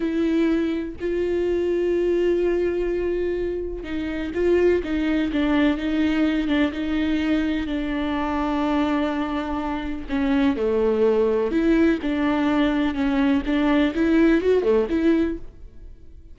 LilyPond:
\new Staff \with { instrumentName = "viola" } { \time 4/4 \tempo 4 = 125 e'2 f'2~ | f'1 | dis'4 f'4 dis'4 d'4 | dis'4. d'8 dis'2 |
d'1~ | d'4 cis'4 a2 | e'4 d'2 cis'4 | d'4 e'4 fis'8 a8 e'4 | }